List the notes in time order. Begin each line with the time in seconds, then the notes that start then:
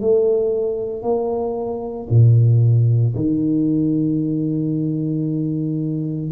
0.00 A3
1.02 A#3
2.10 A#2
3.15 D#3